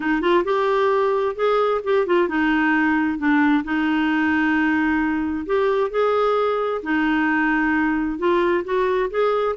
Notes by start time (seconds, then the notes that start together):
0.00 D#4
0.21 F4
0.44 G4
1.35 G#4
1.83 G4
2.06 F4
2.28 D#4
3.18 D4
3.63 D#4
5.46 G4
5.90 G#4
6.82 D#4
8.18 F4
8.64 F#4
9.10 G#4